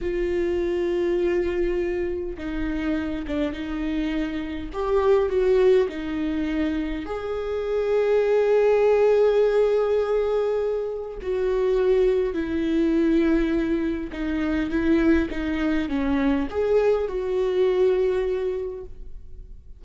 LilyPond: \new Staff \with { instrumentName = "viola" } { \time 4/4 \tempo 4 = 102 f'1 | dis'4. d'8 dis'2 | g'4 fis'4 dis'2 | gis'1~ |
gis'2. fis'4~ | fis'4 e'2. | dis'4 e'4 dis'4 cis'4 | gis'4 fis'2. | }